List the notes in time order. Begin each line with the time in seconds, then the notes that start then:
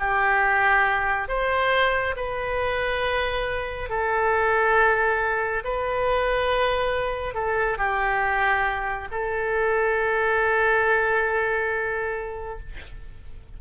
0.00 G4
1.28 C5
2.17 B4
3.90 A4
5.65 B4
7.35 A4
7.78 G4
9.12 A4